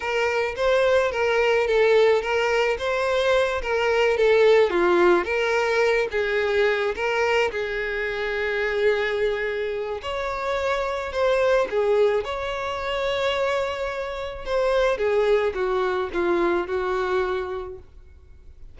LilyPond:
\new Staff \with { instrumentName = "violin" } { \time 4/4 \tempo 4 = 108 ais'4 c''4 ais'4 a'4 | ais'4 c''4. ais'4 a'8~ | a'8 f'4 ais'4. gis'4~ | gis'8 ais'4 gis'2~ gis'8~ |
gis'2 cis''2 | c''4 gis'4 cis''2~ | cis''2 c''4 gis'4 | fis'4 f'4 fis'2 | }